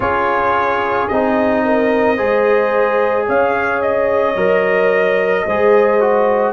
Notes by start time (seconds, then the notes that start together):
0.00 C#4 F4 G#4 C#5
1.07 C4 D#4 D#5
1.64 A#4
2.16 G#3 G#4 C5
3.26 C#4 C#5 F5
3.81 D#5
4.35 F#3 A#4
5.45 G#3 G#4 C5
6.00 F#4